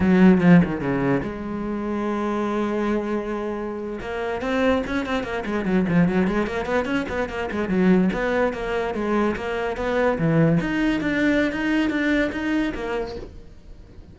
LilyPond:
\new Staff \with { instrumentName = "cello" } { \time 4/4 \tempo 4 = 146 fis4 f8 dis8 cis4 gis4~ | gis1~ | gis4.~ gis16 ais4 c'4 cis'16~ | cis'16 c'8 ais8 gis8 fis8 f8 fis8 gis8 ais16~ |
ais16 b8 cis'8 b8 ais8 gis8 fis4 b16~ | b8. ais4 gis4 ais4 b16~ | b8. e4 dis'4 d'4~ d'16 | dis'4 d'4 dis'4 ais4 | }